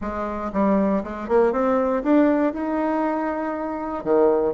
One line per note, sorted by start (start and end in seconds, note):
0.01 0.51 G#3
0.52 1.03 G3
1.03 1.28 G#3
1.28 1.52 A#3
1.52 2.02 C4
2.03 2.53 D4
2.53 4.04 D#4
4.04 4.53 D#3